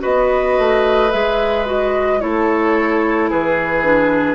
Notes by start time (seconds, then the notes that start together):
0.00 B3 F#4 B4 D#5
0.59 A3
1.12 G#3 G#4 E5
1.66 F#4 D#5
2.20 A3 E4 A4 C#5
3.30 E3 G#4 B4
3.83 D4